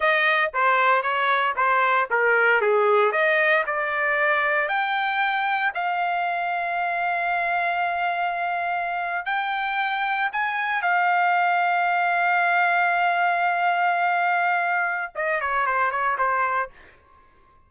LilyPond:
\new Staff \with { instrumentName = "trumpet" } { \time 4/4 \tempo 4 = 115 dis''4 c''4 cis''4 c''4 | ais'4 gis'4 dis''4 d''4~ | d''4 g''2 f''4~ | f''1~ |
f''4.~ f''16 g''2 gis''16~ | gis''8. f''2.~ f''16~ | f''1~ | f''4 dis''8 cis''8 c''8 cis''8 c''4 | }